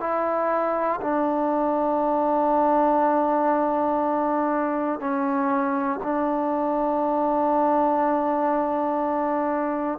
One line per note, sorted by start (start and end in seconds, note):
0.00 1.00 E4
1.00 5.00 D4
5.00 6.00 C#4
6.03 9.99 D4